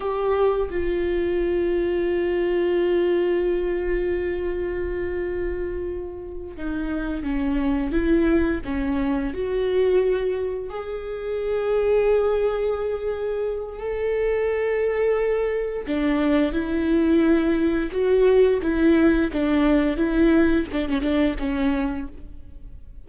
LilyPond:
\new Staff \with { instrumentName = "viola" } { \time 4/4 \tempo 4 = 87 g'4 f'2.~ | f'1~ | f'4. dis'4 cis'4 e'8~ | e'8 cis'4 fis'2 gis'8~ |
gis'1 | a'2. d'4 | e'2 fis'4 e'4 | d'4 e'4 d'16 cis'16 d'8 cis'4 | }